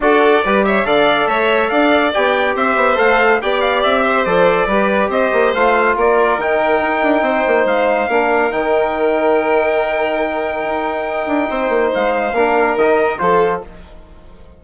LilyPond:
<<
  \new Staff \with { instrumentName = "trumpet" } { \time 4/4 \tempo 4 = 141 d''4. e''8 f''4 e''4 | f''4 g''4 e''4 f''4 | g''8 f''8 e''4 d''2 | dis''4 f''4 d''4 g''4~ |
g''2 f''2 | g''1~ | g''1 | f''2 dis''4 c''4 | }
  \new Staff \with { instrumentName = "violin" } { \time 4/4 a'4 b'8 cis''8 d''4 cis''4 | d''2 c''2 | d''4. c''4. b'4 | c''2 ais'2~ |
ais'4 c''2 ais'4~ | ais'1~ | ais'2. c''4~ | c''4 ais'2 a'4 | }
  \new Staff \with { instrumentName = "trombone" } { \time 4/4 fis'4 g'4 a'2~ | a'4 g'2 a'4 | g'2 a'4 g'4~ | g'4 f'2 dis'4~ |
dis'2. d'4 | dis'1~ | dis'1~ | dis'4 d'4 dis'4 f'4 | }
  \new Staff \with { instrumentName = "bassoon" } { \time 4/4 d'4 g4 d4 a4 | d'4 b4 c'8 b8 a4 | b4 c'4 f4 g4 | c'8 ais8 a4 ais4 dis4 |
dis'8 d'8 c'8 ais8 gis4 ais4 | dis1~ | dis4 dis'4. d'8 c'8 ais8 | gis4 ais4 dis4 f4 | }
>>